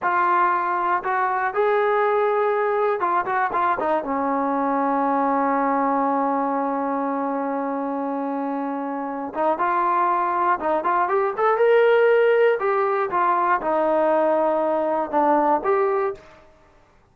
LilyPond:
\new Staff \with { instrumentName = "trombone" } { \time 4/4 \tempo 4 = 119 f'2 fis'4 gis'4~ | gis'2 f'8 fis'8 f'8 dis'8 | cis'1~ | cis'1~ |
cis'2~ cis'8 dis'8 f'4~ | f'4 dis'8 f'8 g'8 a'8 ais'4~ | ais'4 g'4 f'4 dis'4~ | dis'2 d'4 g'4 | }